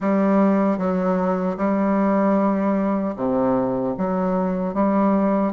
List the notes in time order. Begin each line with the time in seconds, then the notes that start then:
0.00 G3
0.78 F#3
1.57 G3
3.16 C3
3.97 F#3
4.74 G3